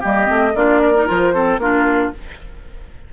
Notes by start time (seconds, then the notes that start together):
0.00 G3 A#3 G4 D#5
0.26 A3 C4
0.55 A#3 D4 F4 D5
0.82 A#4
0.96 D#4
1.07 F3 F4 C5
1.34 C4 A4
1.57 A#3 D4 F4 A#4